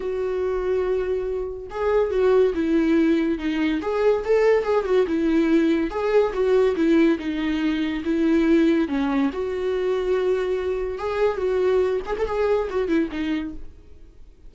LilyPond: \new Staff \with { instrumentName = "viola" } { \time 4/4 \tempo 4 = 142 fis'1 | gis'4 fis'4 e'2 | dis'4 gis'4 a'4 gis'8 fis'8 | e'2 gis'4 fis'4 |
e'4 dis'2 e'4~ | e'4 cis'4 fis'2~ | fis'2 gis'4 fis'4~ | fis'8 gis'16 a'16 gis'4 fis'8 e'8 dis'4 | }